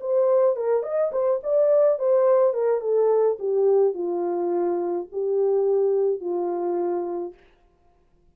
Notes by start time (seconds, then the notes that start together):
0.00 C5
0.56 A#4
0.83 D#5
1.12 C5
1.43 D5
1.99 C5
2.53 A#4
2.81 A4
3.39 G4
3.94 F4
5.12 G4
6.20 F4